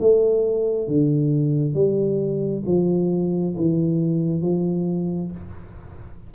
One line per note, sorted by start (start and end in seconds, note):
0.00 0.88 A3
0.88 1.74 D3
1.74 2.63 G3
2.66 3.55 F3
3.57 4.42 E3
4.42 5.31 F3